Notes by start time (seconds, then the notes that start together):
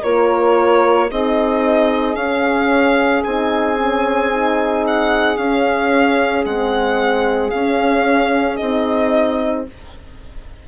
0.00 A#3 F4 A#4 C#5
1.09 C4 D#4 G#4 D#5
2.15 C#4 F5
3.24 C4 D#4 G#5
3.77 C#4
4.31 D#4
4.87 F#5
5.37 C#4 F5
6.44 G#3 C4 F#5
7.50 C#4 F5
8.56 C4 D#4 D#5